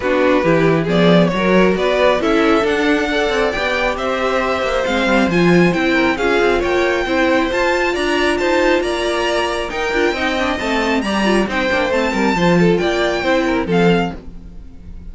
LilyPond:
<<
  \new Staff \with { instrumentName = "violin" } { \time 4/4 \tempo 4 = 136 b'2 d''4 cis''4 | d''4 e''4 fis''2 | g''4 e''2 f''4 | gis''4 g''4 f''4 g''4~ |
g''4 a''4 ais''4 a''4 | ais''2 g''2 | a''4 ais''4 g''4 a''4~ | a''4 g''2 f''4 | }
  \new Staff \with { instrumentName = "violin" } { \time 4/4 fis'4 g'4 gis'4 ais'4 | b'4 a'2 d''4~ | d''4 c''2.~ | c''4. ais'8 gis'4 cis''4 |
c''2 d''4 c''4 | d''2 ais'4 dis''4~ | dis''4 d''4 c''4. ais'8 | c''8 a'8 d''4 c''8 ais'8 a'4 | }
  \new Staff \with { instrumentName = "viola" } { \time 4/4 d'4 e'4 b4 fis'4~ | fis'4 e'4 d'4 a'4 | g'2. c'4 | f'4 e'4 f'2 |
e'4 f'2.~ | f'2 dis'8 f'8 dis'8 d'8 | c'4 g'8 f'8 dis'8 d'8 c'4 | f'2 e'4 c'4 | }
  \new Staff \with { instrumentName = "cello" } { \time 4/4 b4 e4 f4 fis4 | b4 cis'4 d'4. c'8 | b4 c'4. ais8 gis8 g8 | f4 c'4 cis'8 c'8 ais4 |
c'4 f'4 d'4 dis'4 | ais2 dis'8 d'8 c'4 | a4 g4 c'8 ais8 a8 g8 | f4 ais4 c'4 f4 | }
>>